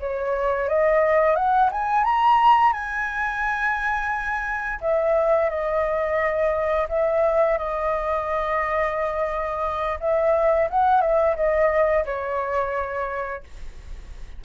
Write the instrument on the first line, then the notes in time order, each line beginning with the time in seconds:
flute
0.00 C#5
0.69 D#5
1.35 F#5
1.71 G#5
2.04 A#5
2.73 G#5
4.81 E5
5.50 D#5
6.89 E5
7.58 D#5
10.00 E5
10.70 F#5
11.01 E5
11.36 D#5
12.05 C#5